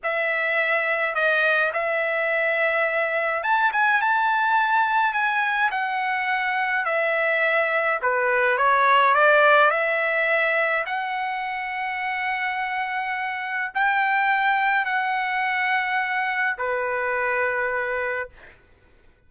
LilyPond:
\new Staff \with { instrumentName = "trumpet" } { \time 4/4 \tempo 4 = 105 e''2 dis''4 e''4~ | e''2 a''8 gis''8 a''4~ | a''4 gis''4 fis''2 | e''2 b'4 cis''4 |
d''4 e''2 fis''4~ | fis''1 | g''2 fis''2~ | fis''4 b'2. | }